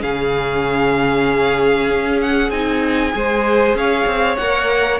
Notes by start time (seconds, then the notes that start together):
0.00 C#3 C#4 G#4 F5
1.89 C#4
2.21 F#5
2.50 C4 D#4 G#5
3.11 G#3 G#4 C5
3.74 C#4 C#5 F5
4.06 C4
4.36 A#3 A#4 F#5